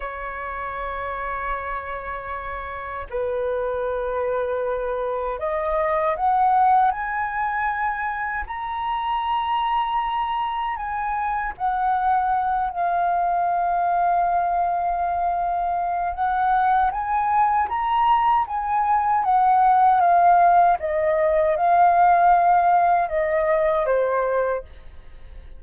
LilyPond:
\new Staff \with { instrumentName = "flute" } { \time 4/4 \tempo 4 = 78 cis''1 | b'2. dis''4 | fis''4 gis''2 ais''4~ | ais''2 gis''4 fis''4~ |
fis''8 f''2.~ f''8~ | f''4 fis''4 gis''4 ais''4 | gis''4 fis''4 f''4 dis''4 | f''2 dis''4 c''4 | }